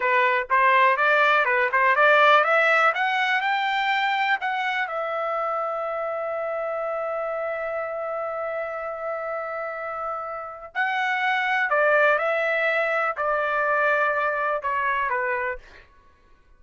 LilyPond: \new Staff \with { instrumentName = "trumpet" } { \time 4/4 \tempo 4 = 123 b'4 c''4 d''4 b'8 c''8 | d''4 e''4 fis''4 g''4~ | g''4 fis''4 e''2~ | e''1~ |
e''1~ | e''2 fis''2 | d''4 e''2 d''4~ | d''2 cis''4 b'4 | }